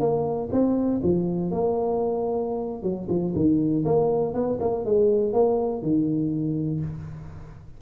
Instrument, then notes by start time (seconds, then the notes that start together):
tuba
0.00 A#3
0.52 C4
1.03 F3
1.51 A#3
2.83 F#3
3.09 F3
3.36 D#3
3.85 A#3
4.34 B3
4.61 A#3
4.85 G#3
5.33 A#3
5.82 D#3